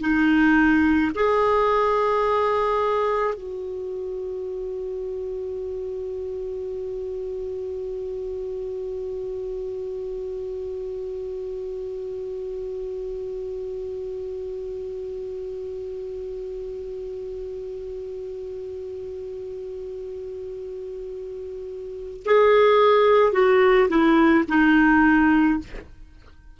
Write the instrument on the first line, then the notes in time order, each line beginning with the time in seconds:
clarinet
0.00 D#4
1.15 G#4
3.34 F#4
22.25 G#4
23.32 F#4
23.88 E4
24.48 D#4